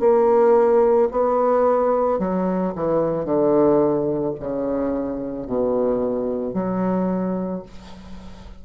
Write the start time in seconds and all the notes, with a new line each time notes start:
0.00 A#3
1.12 B3
2.19 F#3
2.76 E3
3.25 D3
4.40 C#3
5.47 B2
6.54 F#3